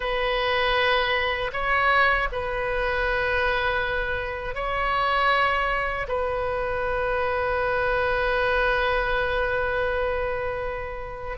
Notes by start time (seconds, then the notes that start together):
0.00 B4
1.52 C#5
2.32 B4
4.55 C#5
6.08 B4